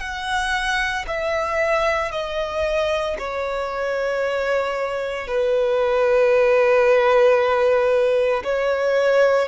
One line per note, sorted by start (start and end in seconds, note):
0.00 1.05 F#5
1.07 2.11 E5
2.11 3.17 D#5
3.19 5.27 C#5
5.27 8.43 B4
8.44 9.48 C#5